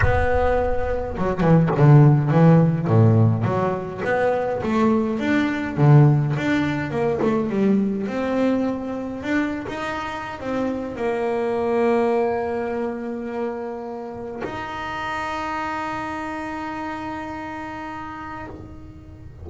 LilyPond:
\new Staff \with { instrumentName = "double bass" } { \time 4/4 \tempo 4 = 104 b2 fis8 e8 d4 | e4 a,4 fis4 b4 | a4 d'4 d4 d'4 | ais8 a8 g4 c'2 |
d'8. dis'4~ dis'16 c'4 ais4~ | ais1~ | ais4 dis'2.~ | dis'1 | }